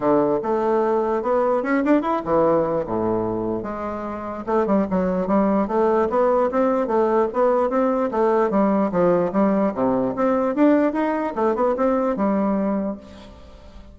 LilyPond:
\new Staff \with { instrumentName = "bassoon" } { \time 4/4 \tempo 4 = 148 d4 a2 b4 | cis'8 d'8 e'8 e4. a,4~ | a,4 gis2 a8 g8 | fis4 g4 a4 b4 |
c'4 a4 b4 c'4 | a4 g4 f4 g4 | c4 c'4 d'4 dis'4 | a8 b8 c'4 g2 | }